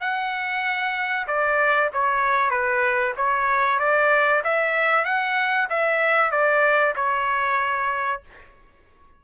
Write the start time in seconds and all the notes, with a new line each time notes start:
0.00 F#5
1.27 D5
1.93 C#5
2.50 B4
3.17 C#5
3.79 D5
4.44 E5
5.04 F#5
5.69 E5
6.31 D5
6.95 C#5